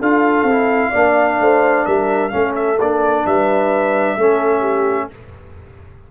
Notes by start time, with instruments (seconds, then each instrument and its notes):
0.00 tuba D4, trombone F4, horn A4, trumpet F5
0.43 tuba C4, trombone E4
0.91 tuba A#3, trombone D4, horn D5
1.40 tuba A3, horn C5
1.86 tuba G3, horn A#4, trumpet E5
2.29 tuba A3, trombone C#4, horn A4, trumpet F5
2.56 trumpet E5
2.79 tuba A#3, trombone D4, trumpet D5
3.26 tuba G3, horn B4, trumpet E5
4.17 tuba A3, trombone C#4, horn A4
4.60 horn G4